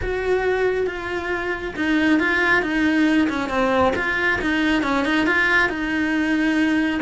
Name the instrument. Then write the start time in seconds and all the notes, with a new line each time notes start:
cello
0.02 F#4
0.86 F4
1.76 D#4
2.19 F4
2.62 D#4
3.29 C#4
3.49 C4
3.96 F4
4.41 D#4
4.82 C#4
5.05 D#4
5.26 F4
5.69 D#4